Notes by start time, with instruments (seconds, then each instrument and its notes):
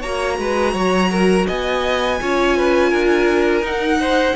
0.00 cello A#3, viola F#4, violin C#5 A#5
0.39 cello G#3, violin B4
0.74 cello F#3, violin C#5
1.11 violin A#4
1.47 cello B3, violin D#5 G#5
2.21 cello C#4, viola F4, violin C#5
2.57 violin B4
2.90 cello D4, violin A#4
3.62 cello D#4, viola D#4, violin F#5
4.00 violin C5